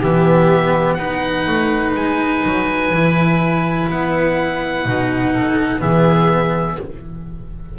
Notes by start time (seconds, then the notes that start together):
0.00 E3 B3 G4 E5
0.94 B3 D#4 B4 F#5
1.47 A3
1.95 G#3 G#5
2.45 F#3
2.91 E3 E4
3.89 B3 F#5
4.85 B2 D#4
5.33 A4
5.80 E3 B3 G#4 E5